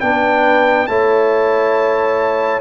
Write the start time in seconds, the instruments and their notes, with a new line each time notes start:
0.00 tuba B3, trombone D4, horn B4, trumpet G5
0.86 tuba A3, trombone E4, horn C#5, trumpet A5